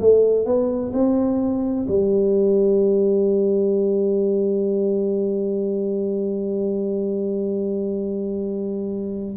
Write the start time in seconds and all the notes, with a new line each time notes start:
0.00 A3
0.46 B3
0.93 C4
1.88 G3